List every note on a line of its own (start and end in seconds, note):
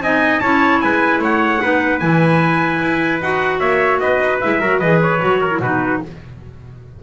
0.00 0.40 C4
0.00 0.42 D#4
0.00 0.42 D#5
0.00 0.40 G#5
0.40 0.83 C#4
0.40 1.60 E4
0.40 0.82 C#5
0.40 0.80 A5
0.80 1.19 G#3
0.80 1.22 B4
0.80 1.20 G#5
1.19 1.59 A3
1.19 1.62 C#5
1.19 2.00 F#5
1.60 2.01 B3
1.60 2.00 D#4
1.60 3.60 B4
2.00 2.81 E3
2.00 3.21 E4
2.00 3.20 G#5
2.82 3.21 E4
3.21 3.60 D#4
3.21 4.42 F#4
3.21 3.60 F#5
3.60 4.00 A#3
3.60 4.00 C#5
3.60 4.00 E5
4.00 4.20 B3
4.00 4.60 B4
4.00 4.40 D#5
4.20 4.40 D#4
4.41 4.62 G#3
4.41 4.61 E4
4.41 4.80 E5
4.60 4.81 F#3
4.60 4.81 F#4
4.60 4.79 A#4
4.79 5.21 E3
4.79 5.19 G#4
4.79 5.39 B4
4.79 5.00 D#5
5.02 5.62 C#5
5.19 5.59 F#3
5.19 5.49 F#4
5.41 5.61 A#4
5.50 5.60 E4
5.59 5.99 B2
5.59 6.03 D#4
5.59 6.02 F#4
5.59 6.02 B4